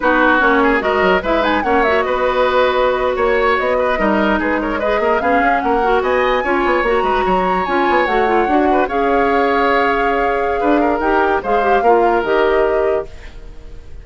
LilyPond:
<<
  \new Staff \with { instrumentName = "flute" } { \time 4/4 \tempo 4 = 147 b'4 cis''4 dis''4 e''8 gis''8 | fis''8 e''8 dis''2~ dis''8. cis''16~ | cis''8. dis''2 b'8 cis''8 dis''16~ | dis''8. f''4 fis''4 gis''4~ gis''16~ |
gis''8. ais''2 gis''4 fis''16~ | fis''4.~ fis''16 f''2~ f''16~ | f''2. g''4 | f''2 dis''2 | }
  \new Staff \with { instrumentName = "oboe" } { \time 4/4 fis'4. gis'8 ais'4 b'4 | cis''4 b'2~ b'8. cis''16~ | cis''4~ cis''16 b'8 ais'4 gis'8 ais'8 b'16~ | b'16 ais'8 gis'4 ais'4 dis''4 cis''16~ |
cis''4~ cis''16 b'8 cis''2~ cis''16~ | cis''4~ cis''16 b'8 cis''2~ cis''16~ | cis''2 b'8 ais'4. | c''4 ais'2. | }
  \new Staff \with { instrumentName = "clarinet" } { \time 4/4 dis'4 cis'4 fis'4 e'8 dis'8 | cis'8 fis'2.~ fis'8~ | fis'4.~ fis'16 dis'2 gis'16~ | gis'8. cis'4. fis'4. f'16~ |
f'8. fis'2 f'4 fis'16~ | fis'16 f'8 fis'4 gis'2~ gis'16~ | gis'2. g'4 | gis'8 g'8 f'4 g'2 | }
  \new Staff \with { instrumentName = "bassoon" } { \time 4/4 b4 ais4 gis8 fis8 gis4 | ais4 b2~ b8. ais16~ | ais8. b4 g4 gis4~ gis16~ | gis16 ais8 b8 cis'8 ais4 b4 cis'16~ |
cis'16 b8 ais8 gis8 fis4 cis'8 b8 a16~ | a8. d'4 cis'2~ cis'16~ | cis'2 d'4 dis'4 | gis4 ais4 dis2 | }
>>